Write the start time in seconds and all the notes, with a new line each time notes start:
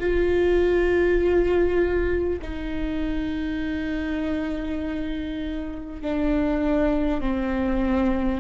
0.00 F4
2.42 D#4
6.02 D4
7.21 C4